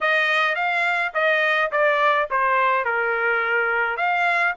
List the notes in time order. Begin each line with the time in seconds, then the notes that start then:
0.01 D#5
0.55 F5
1.14 D#5
1.71 D5
2.30 C5
2.84 A#4
3.96 F5